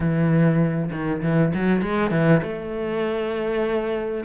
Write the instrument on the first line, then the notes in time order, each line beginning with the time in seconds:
cello
0.00 E3
0.91 D#3
1.22 E3
1.53 F#3
1.81 G#3
2.10 E3
2.42 A3